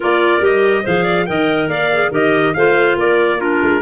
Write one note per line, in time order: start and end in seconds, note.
0.00 0.40 A#3
0.00 0.41 F4
0.00 0.83 A#4
0.00 0.44 D5
0.40 0.83 G3
0.40 0.83 G4
0.40 0.86 D#5
0.83 1.29 F3
0.83 1.27 G#4
0.83 1.03 C5
0.83 1.26 F5
1.03 1.24 D5
1.26 1.68 D#3
1.26 1.90 A#4
1.26 1.69 D#5
1.26 1.69 G5
1.68 2.10 A#3
1.68 2.10 D5
1.68 2.12 F5
1.93 2.12 G#4
2.10 2.53 D#3
2.10 2.54 G4
2.10 2.53 A#4
2.10 2.53 D#5
2.53 2.95 A3
2.53 3.39 F4
2.53 2.98 C5
2.53 2.96 F5
2.95 3.59 A#3
2.95 3.37 A#4
2.95 3.41 D5
3.37 3.81 D4
3.37 3.80 F4
3.37 3.81 A#4
3.62 3.81 G#3